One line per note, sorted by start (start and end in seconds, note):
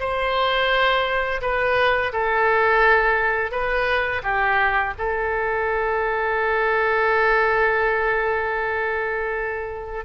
0.00 1.41 C5
1.41 2.12 B4
2.13 3.51 A4
3.51 4.22 B4
4.23 4.94 G4
4.98 10.05 A4